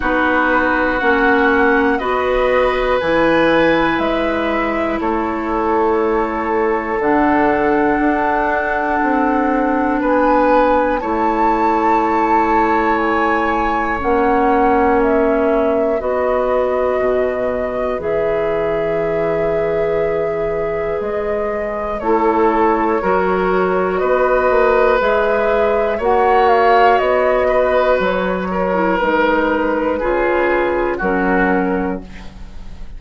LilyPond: <<
  \new Staff \with { instrumentName = "flute" } { \time 4/4 \tempo 4 = 60 b'4 fis''4 dis''4 gis''4 | e''4 cis''2 fis''4~ | fis''2 gis''4 a''4~ | a''4 gis''4 fis''4 e''4 |
dis''2 e''2~ | e''4 dis''4 cis''2 | dis''4 e''4 fis''8 f''8 dis''4 | cis''4 b'2 ais'4 | }
  \new Staff \with { instrumentName = "oboe" } { \time 4/4 fis'2 b'2~ | b'4 a'2.~ | a'2 b'4 cis''4~ | cis''1 |
b'1~ | b'2 a'4 ais'4 | b'2 cis''4. b'8~ | b'8 ais'4. gis'4 fis'4 | }
  \new Staff \with { instrumentName = "clarinet" } { \time 4/4 dis'4 cis'4 fis'4 e'4~ | e'2. d'4~ | d'2. e'4~ | e'2 cis'2 |
fis'2 gis'2~ | gis'2 e'4 fis'4~ | fis'4 gis'4 fis'2~ | fis'8. e'16 dis'4 f'4 cis'4 | }
  \new Staff \with { instrumentName = "bassoon" } { \time 4/4 b4 ais4 b4 e4 | gis4 a2 d4 | d'4 c'4 b4 a4~ | a2 ais2 |
b4 b,4 e2~ | e4 gis4 a4 fis4 | b8 ais8 gis4 ais4 b4 | fis4 gis4 cis4 fis4 | }
>>